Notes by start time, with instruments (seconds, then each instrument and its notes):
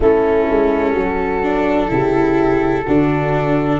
0.00 tuba A3, viola C#4, horn E4, flute A4
0.50 tuba G#3
0.94 tuba F#3, horn F#4
1.42 viola D4
1.88 tuba C#3, viola E4, horn G4
2.86 tuba D3, viola D4, horn F#4